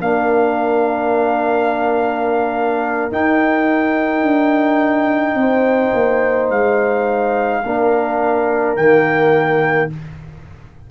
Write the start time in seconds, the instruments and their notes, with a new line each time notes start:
0.00 tuba A#3, trombone D4, horn A#4, trumpet F5
3.11 trombone D#4, tuba D#4, trumpet G5
4.22 tuba D4
5.34 tuba C4, horn C5
5.94 tuba A#3
6.50 tuba G#3, trumpet F5
7.64 tuba A#3, trombone D4, horn A#4
8.76 tuba D#3, trombone A#3, trumpet G5